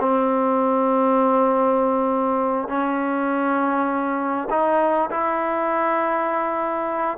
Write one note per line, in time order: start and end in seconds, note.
0.00 2.69 C4
2.69 4.49 C#4
4.50 5.10 D#4
5.11 7.18 E4